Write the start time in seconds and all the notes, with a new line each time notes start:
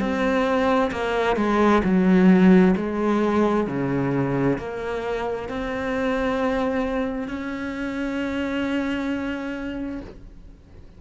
0.00 C4
0.91 A#3
1.37 G#3
1.84 F#3
2.76 G#3
3.67 C#3
4.59 A#3
5.49 C4
7.29 C#4